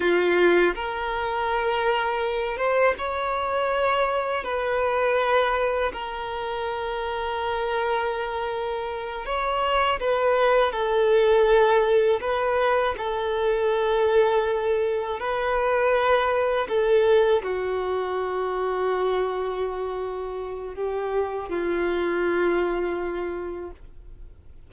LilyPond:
\new Staff \with { instrumentName = "violin" } { \time 4/4 \tempo 4 = 81 f'4 ais'2~ ais'8 c''8 | cis''2 b'2 | ais'1~ | ais'8 cis''4 b'4 a'4.~ |
a'8 b'4 a'2~ a'8~ | a'8 b'2 a'4 fis'8~ | fis'1 | g'4 f'2. | }